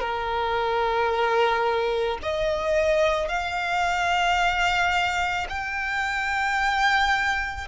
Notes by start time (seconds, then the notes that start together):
0.00 A#4
2.22 D#5
3.28 F5
5.49 G5